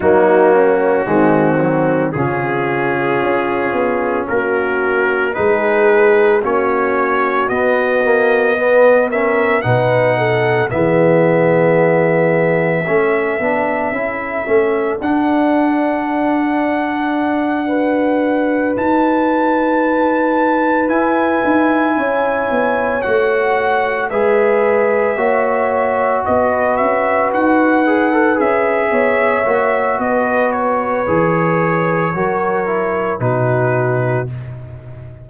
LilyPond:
<<
  \new Staff \with { instrumentName = "trumpet" } { \time 4/4 \tempo 4 = 56 fis'2 gis'2 | ais'4 b'4 cis''4 dis''4~ | dis''8 e''8 fis''4 e''2~ | e''2 fis''2~ |
fis''4. a''2 gis''8~ | gis''4. fis''4 e''4.~ | e''8 dis''8 e''8 fis''4 e''4. | dis''8 cis''2~ cis''8 b'4 | }
  \new Staff \with { instrumentName = "horn" } { \time 4/4 dis'8 cis'8 c'4 f'2 | fis'4 gis'4 fis'2 | b'8 ais'8 b'8 a'8 gis'2 | a'1~ |
a'8 b'2.~ b'8~ | b'8 cis''2 b'4 cis''8~ | cis''8 b'2~ b'8 cis''4 | b'2 ais'4 fis'4 | }
  \new Staff \with { instrumentName = "trombone" } { \time 4/4 ais4 gis8 fis8 cis'2~ | cis'4 dis'4 cis'4 b8 ais8 | b8 cis'8 dis'4 b2 | cis'8 d'8 e'8 cis'8 d'2~ |
d'8 fis'2. e'8~ | e'4. fis'4 gis'4 fis'8~ | fis'2 gis'16 a'16 gis'4 fis'8~ | fis'4 gis'4 fis'8 e'8 dis'4 | }
  \new Staff \with { instrumentName = "tuba" } { \time 4/4 fis4 dis4 cis4 cis'8 b8 | ais4 gis4 ais4 b4~ | b4 b,4 e2 | a8 b8 cis'8 a8 d'2~ |
d'4. dis'2 e'8 | dis'8 cis'8 b8 a4 gis4 ais8~ | ais8 b8 cis'8 dis'4 cis'8 b8 ais8 | b4 e4 fis4 b,4 | }
>>